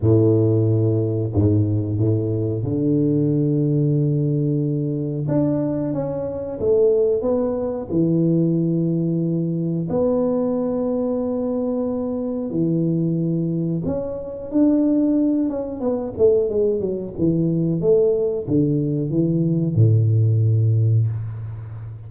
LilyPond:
\new Staff \with { instrumentName = "tuba" } { \time 4/4 \tempo 4 = 91 a,2 gis,4 a,4 | d1 | d'4 cis'4 a4 b4 | e2. b4~ |
b2. e4~ | e4 cis'4 d'4. cis'8 | b8 a8 gis8 fis8 e4 a4 | d4 e4 a,2 | }